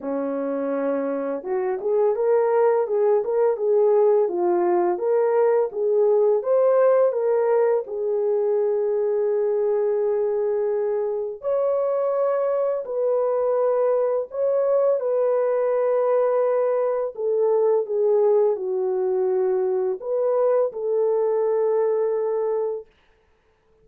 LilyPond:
\new Staff \with { instrumentName = "horn" } { \time 4/4 \tempo 4 = 84 cis'2 fis'8 gis'8 ais'4 | gis'8 ais'8 gis'4 f'4 ais'4 | gis'4 c''4 ais'4 gis'4~ | gis'1 |
cis''2 b'2 | cis''4 b'2. | a'4 gis'4 fis'2 | b'4 a'2. | }